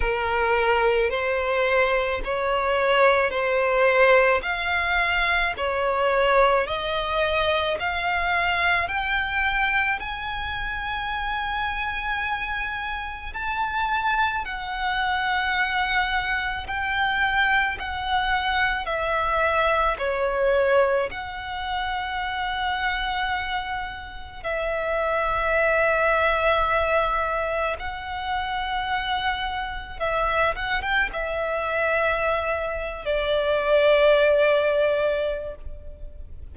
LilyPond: \new Staff \with { instrumentName = "violin" } { \time 4/4 \tempo 4 = 54 ais'4 c''4 cis''4 c''4 | f''4 cis''4 dis''4 f''4 | g''4 gis''2. | a''4 fis''2 g''4 |
fis''4 e''4 cis''4 fis''4~ | fis''2 e''2~ | e''4 fis''2 e''8 fis''16 g''16 | e''4.~ e''16 d''2~ d''16 | }